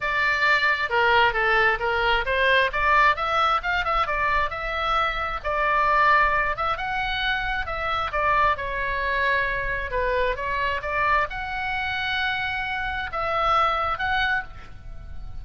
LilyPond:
\new Staff \with { instrumentName = "oboe" } { \time 4/4 \tempo 4 = 133 d''2 ais'4 a'4 | ais'4 c''4 d''4 e''4 | f''8 e''8 d''4 e''2 | d''2~ d''8 e''8 fis''4~ |
fis''4 e''4 d''4 cis''4~ | cis''2 b'4 cis''4 | d''4 fis''2.~ | fis''4 e''2 fis''4 | }